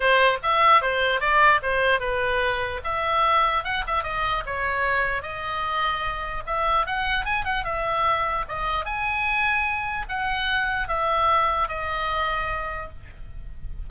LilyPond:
\new Staff \with { instrumentName = "oboe" } { \time 4/4 \tempo 4 = 149 c''4 e''4 c''4 d''4 | c''4 b'2 e''4~ | e''4 fis''8 e''8 dis''4 cis''4~ | cis''4 dis''2. |
e''4 fis''4 gis''8 fis''8 e''4~ | e''4 dis''4 gis''2~ | gis''4 fis''2 e''4~ | e''4 dis''2. | }